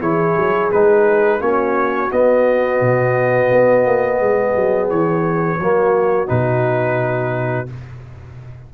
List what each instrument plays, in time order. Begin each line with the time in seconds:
0.00 tuba E3, trombone E4, horn G#4, trumpet C#5
0.37 tuba F#3
0.72 tuba G#3, trombone D#4, trumpet B4
1.40 tuba A#3, trombone C#4, horn F#4, trumpet C#5
2.11 trombone B3, tuba B3, trumpet D#5
2.81 tuba B2
3.51 tuba B3
3.86 tuba A#3
4.20 tuba G#3, horn G#4
4.56 tuba F#3
4.90 tuba E3, trumpet C#5
5.59 tuba F#3, trombone A#3, horn F#4
6.27 tuba B2, trombone D#4, trumpet B4